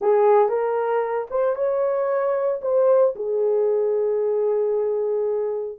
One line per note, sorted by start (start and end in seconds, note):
0.01 0.48 G#4
0.48 1.27 A#4
1.30 1.55 C5
1.55 2.60 C#5
2.61 3.14 C5
3.15 5.78 G#4